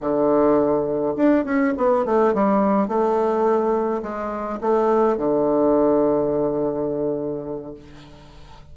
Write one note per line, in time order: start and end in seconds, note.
0.00 1.14 D3
1.16 1.44 D4
1.44 1.73 C#4
1.77 2.05 B3
2.05 2.34 A3
2.34 2.87 G3
2.87 4.02 A3
4.02 4.59 G#3
4.60 5.17 A3
5.17 7.74 D3